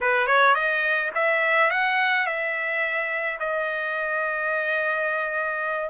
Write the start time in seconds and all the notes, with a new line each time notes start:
0.00 B4
0.27 C#5
0.54 D#5
1.14 E5
1.70 F#5
2.26 E5
3.39 D#5